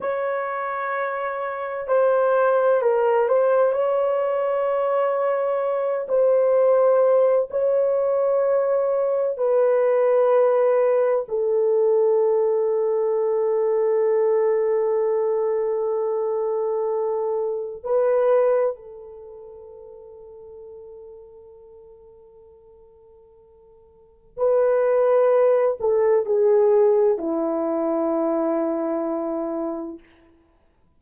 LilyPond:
\new Staff \with { instrumentName = "horn" } { \time 4/4 \tempo 4 = 64 cis''2 c''4 ais'8 c''8 | cis''2~ cis''8 c''4. | cis''2 b'2 | a'1~ |
a'2. b'4 | a'1~ | a'2 b'4. a'8 | gis'4 e'2. | }